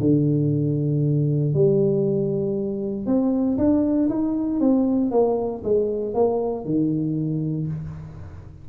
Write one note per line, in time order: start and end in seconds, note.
0.00 1.54 D3
1.54 3.06 G3
3.06 3.57 C4
3.58 4.09 D4
4.09 4.60 D#4
4.60 5.11 C4
5.11 5.62 A#3
5.64 6.14 G#3
6.14 6.65 A#3
6.65 7.67 D#3